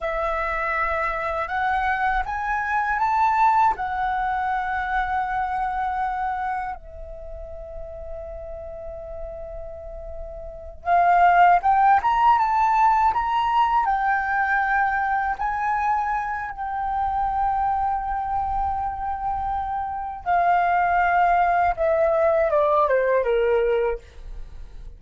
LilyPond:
\new Staff \with { instrumentName = "flute" } { \time 4/4 \tempo 4 = 80 e''2 fis''4 gis''4 | a''4 fis''2.~ | fis''4 e''2.~ | e''2~ e''8 f''4 g''8 |
ais''8 a''4 ais''4 g''4.~ | g''8 gis''4. g''2~ | g''2. f''4~ | f''4 e''4 d''8 c''8 ais'4 | }